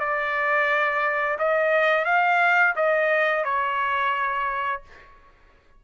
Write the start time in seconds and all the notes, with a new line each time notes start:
0.00 D5
1.39 D#5
2.05 F5
2.76 D#5
3.44 C#5